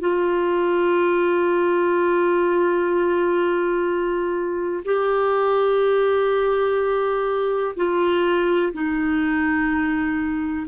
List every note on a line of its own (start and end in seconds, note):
0.00 4.84 F4
4.85 7.76 G4
7.76 8.73 F4
8.74 10.67 D#4